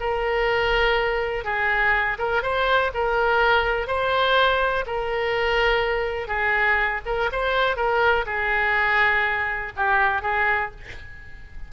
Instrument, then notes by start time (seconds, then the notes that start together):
oboe
0.00 A#4
1.45 G#4
2.19 A#4
2.42 C5
2.94 A#4
3.87 C5
4.86 A#4
6.28 G#4
7.06 A#4
7.32 C5
7.76 A#4
8.26 G#4
9.76 G4
10.22 G#4